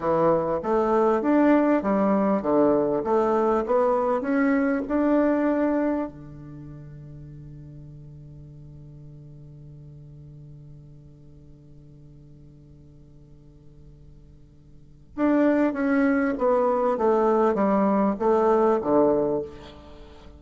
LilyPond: \new Staff \with { instrumentName = "bassoon" } { \time 4/4 \tempo 4 = 99 e4 a4 d'4 g4 | d4 a4 b4 cis'4 | d'2 d2~ | d1~ |
d1~ | d1~ | d4 d'4 cis'4 b4 | a4 g4 a4 d4 | }